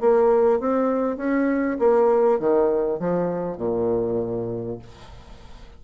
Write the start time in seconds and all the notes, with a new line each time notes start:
0.00 A#3
0.60 C4
1.17 C#4
1.79 A#3
2.39 D#3
2.99 F3
3.57 A#2